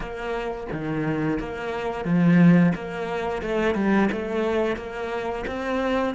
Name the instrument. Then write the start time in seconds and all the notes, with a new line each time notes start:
cello
0.00 A#3
0.72 D#3
1.39 A#3
2.05 F3
2.75 A#3
3.42 A3
3.74 G3
4.12 A3
4.76 A#3
5.46 C4